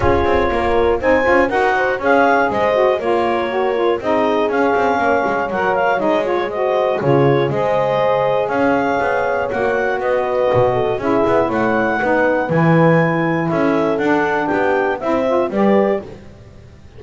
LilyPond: <<
  \new Staff \with { instrumentName = "clarinet" } { \time 4/4 \tempo 4 = 120 cis''2 gis''4 fis''4 | f''4 dis''4 cis''2 | dis''4 f''2 fis''8 f''8 | dis''8 cis''8 dis''4 cis''4 dis''4~ |
dis''4 f''2 fis''4 | dis''2 e''4 fis''4~ | fis''4 gis''2 e''4 | fis''4 g''4 e''4 d''4 | }
  \new Staff \with { instrumentName = "horn" } { \time 4/4 gis'4 ais'4 c''4 ais'8 c''8 | cis''4 c''4 ais'2 | gis'2 cis''2~ | cis''4 c''4 gis'4 c''4~ |
c''4 cis''2. | b'4. a'8 gis'4 cis''4 | b'2. a'4~ | a'4 g'4 c''4 b'4 | }
  \new Staff \with { instrumentName = "saxophone" } { \time 4/4 f'2 dis'8 f'8 fis'4 | gis'4. fis'8 f'4 fis'8 f'8 | dis'4 cis'2 ais'4 | dis'8 f'8 fis'4 f'4 gis'4~ |
gis'2. fis'4~ | fis'2 e'2 | dis'4 e'2. | d'2 e'8 f'8 g'4 | }
  \new Staff \with { instrumentName = "double bass" } { \time 4/4 cis'8 c'8 ais4 c'8 cis'8 dis'4 | cis'4 gis4 ais2 | c'4 cis'8 c'8 ais8 gis8 fis4 | gis2 cis4 gis4~ |
gis4 cis'4 b4 ais4 | b4 b,4 cis'8 b8 a4 | b4 e2 cis'4 | d'4 b4 c'4 g4 | }
>>